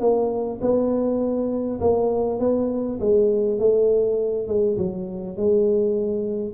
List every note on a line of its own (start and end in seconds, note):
0.00 0.59 A#3
0.61 1.80 B3
1.80 2.40 A#3
2.40 2.99 B3
3.00 3.59 G#3
3.59 4.47 A3
4.47 4.77 G#3
4.77 5.37 F#3
5.37 6.54 G#3